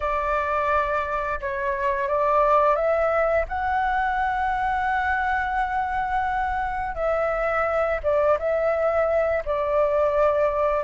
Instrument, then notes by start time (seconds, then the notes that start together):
flute
0.00 D5
1.40 C#5
2.07 D5
2.75 E5
3.48 F#5
6.95 E5
8.03 D5
8.38 E5
9.45 D5